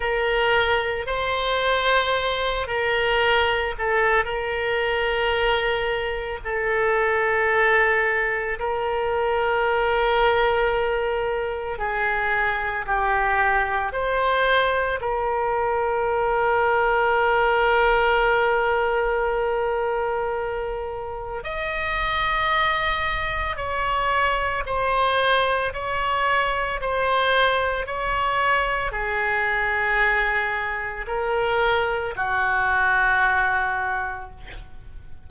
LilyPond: \new Staff \with { instrumentName = "oboe" } { \time 4/4 \tempo 4 = 56 ais'4 c''4. ais'4 a'8 | ais'2 a'2 | ais'2. gis'4 | g'4 c''4 ais'2~ |
ais'1 | dis''2 cis''4 c''4 | cis''4 c''4 cis''4 gis'4~ | gis'4 ais'4 fis'2 | }